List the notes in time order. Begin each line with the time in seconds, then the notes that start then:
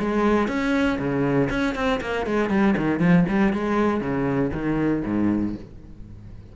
0.00 G#3
0.48 C#4
0.99 C#3
1.50 C#4
1.75 C4
2.01 A#3
2.26 G#3
2.49 G3
2.77 D#3
3.00 F3
3.29 G3
3.53 G#3
4.01 C#3
4.53 D#3
5.05 G#2